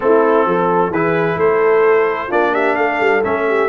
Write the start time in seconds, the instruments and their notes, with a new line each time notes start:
0.00 tuba A3, trombone C4, horn E4, trumpet A4
0.46 tuba F3, horn A4
0.89 tuba E3, trombone E4, horn G#4, trumpet B4
1.36 tuba A3, horn A4, trumpet C5
2.27 tuba A#3, trombone D4, horn F4, trumpet D5
2.52 horn G4, trumpet E5
2.75 tuba A3, horn A4, trumpet F5
3.00 tuba G3
3.23 tuba A3, trombone C#4, trumpet E5
3.48 horn G4